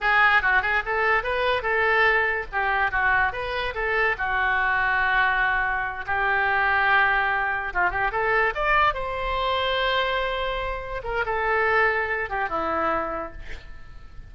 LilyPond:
\new Staff \with { instrumentName = "oboe" } { \time 4/4 \tempo 4 = 144 gis'4 fis'8 gis'8 a'4 b'4 | a'2 g'4 fis'4 | b'4 a'4 fis'2~ | fis'2~ fis'8 g'4.~ |
g'2~ g'8 f'8 g'8 a'8~ | a'8 d''4 c''2~ c''8~ | c''2~ c''8 ais'8 a'4~ | a'4. g'8 e'2 | }